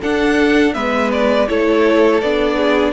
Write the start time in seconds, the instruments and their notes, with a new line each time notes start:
0.00 viola D4, cello D4, violin A4 F#5
0.73 cello G#3, viola B3, violin B4 E5
1.11 violin D5
1.47 cello A3, viola E4, violin A4 C#5
2.20 cello B3, viola D4, violin D5
2.56 violin G#4